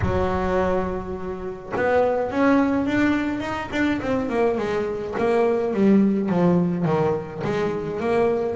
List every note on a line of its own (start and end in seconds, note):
0.01 1.72 F#3
1.76 2.30 B3
2.30 2.85 C#4
2.85 3.40 D4
3.40 3.69 D#4
3.71 4.00 D4
4.01 4.29 C4
4.29 4.57 A#3
4.57 5.14 G#3
5.18 5.73 A#3
5.73 6.29 G3
6.29 6.85 F3
6.85 7.42 D#3
7.44 8.00 G#3
8.00 8.55 A#3